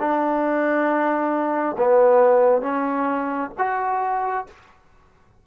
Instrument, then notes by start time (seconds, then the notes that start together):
trombone
0.00 D4
1.78 B3
2.62 C#4
3.59 F#4